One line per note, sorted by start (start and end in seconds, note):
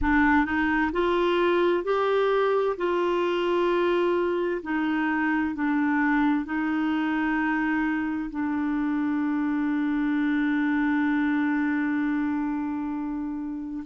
0.01 0.44 D4
0.44 0.91 D#4
0.92 1.84 F4
1.84 2.76 G4
2.77 4.62 F4
4.62 5.54 D#4
5.54 6.45 D4
6.45 8.30 D#4
8.30 13.84 D4